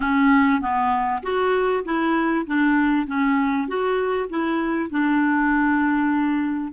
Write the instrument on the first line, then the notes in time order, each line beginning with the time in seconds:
clarinet
0.00 C#4
0.61 B3
1.22 F#4
1.85 E4
2.46 D4
3.06 C#4
3.68 F#4
4.29 E4
4.90 D4